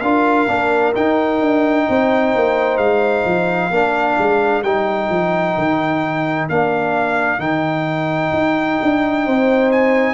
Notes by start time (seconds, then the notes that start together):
0.00 D4 F4 A#4 F5
0.47 A#3 D4
0.94 D#4 G5
1.41 D4
1.89 C4 C5
2.35 A#3
2.77 G#3 F5
3.25 F3
3.70 A#3 D4 A#4
4.18 G#3
4.62 G3 D#4 G5
5.09 F3
5.57 D#3
6.49 A#3 D4 F5
7.38 D#3 D#4 G5
8.33 D#4
8.82 D4
9.25 C4 C5
9.71 G#5